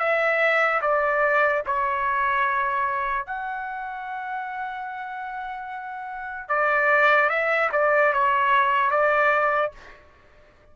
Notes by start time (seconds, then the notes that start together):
0.00 E5
0.82 D5
1.67 C#5
3.27 F#5
6.49 D5
7.30 E5
7.73 D5
8.14 C#5
8.91 D5